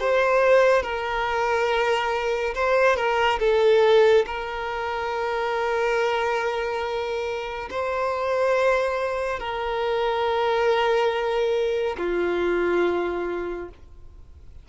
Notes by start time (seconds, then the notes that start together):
0.00 C5
0.83 A#4
2.55 C5
2.97 A#4
3.40 A4
4.27 A#4
7.71 C5
9.40 A#4
11.98 F4